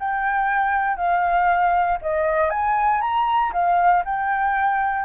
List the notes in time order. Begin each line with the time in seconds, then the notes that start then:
0.00 G5
0.97 F5
2.02 D#5
2.51 G#5
3.02 A#5
3.53 F5
4.05 G5